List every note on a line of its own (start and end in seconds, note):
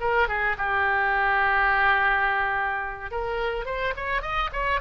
0.00 0.28 A#4
0.28 0.56 G#4
0.58 3.11 G4
3.11 3.65 A#4
3.65 3.94 C5
3.96 4.21 C#5
4.21 4.50 D#5
4.53 4.80 C#5